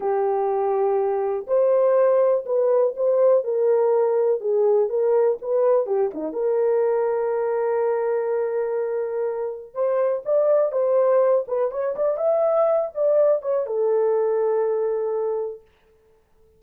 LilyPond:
\new Staff \with { instrumentName = "horn" } { \time 4/4 \tempo 4 = 123 g'2. c''4~ | c''4 b'4 c''4 ais'4~ | ais'4 gis'4 ais'4 b'4 | g'8 dis'8 ais'2.~ |
ais'1 | c''4 d''4 c''4. b'8 | cis''8 d''8 e''4. d''4 cis''8 | a'1 | }